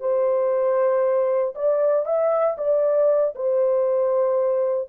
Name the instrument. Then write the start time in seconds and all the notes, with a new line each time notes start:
horn
0.00 C5
1.55 D5
2.05 E5
2.58 D5
3.35 C5